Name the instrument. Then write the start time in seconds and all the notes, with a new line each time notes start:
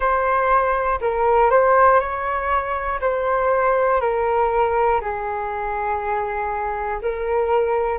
flute
0.00 C5
1.01 A#4
1.50 C5
2.00 C#5
3.00 C5
4.00 A#4
5.01 G#4
7.02 A#4